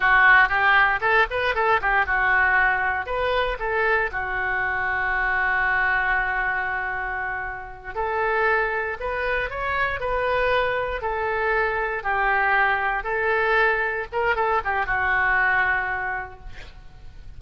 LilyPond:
\new Staff \with { instrumentName = "oboe" } { \time 4/4 \tempo 4 = 117 fis'4 g'4 a'8 b'8 a'8 g'8 | fis'2 b'4 a'4 | fis'1~ | fis'2.~ fis'8 a'8~ |
a'4. b'4 cis''4 b'8~ | b'4. a'2 g'8~ | g'4. a'2 ais'8 | a'8 g'8 fis'2. | }